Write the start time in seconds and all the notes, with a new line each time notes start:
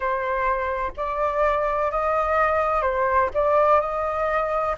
0.00 C5
0.97 D5
1.90 D#5
2.81 C5
3.33 D5
3.80 D#5